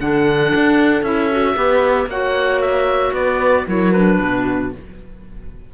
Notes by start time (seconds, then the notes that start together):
0.00 D3 D4 A4 F#5
0.55 D4
1.03 C#4 E4 E5
1.31 F#4
1.55 B3 G4 B4
2.06 A#3 F#4 C#5 F#5
2.61 E5
3.13 B3 B4 D5
3.67 F#3 E4 A#4 C#5
3.92 D4 B4
4.20 B2 F#4